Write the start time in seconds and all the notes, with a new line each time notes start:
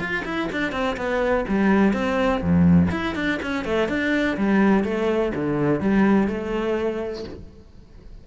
0.00 F4
0.25 E4
0.52 D4
0.72 C4
0.97 B3
1.49 G3
1.93 C4
2.42 F2
2.91 E4
3.15 D4
3.42 C#4
3.65 A3
3.89 D4
4.37 G3
4.84 A3
5.35 D3
5.80 G3
6.28 A3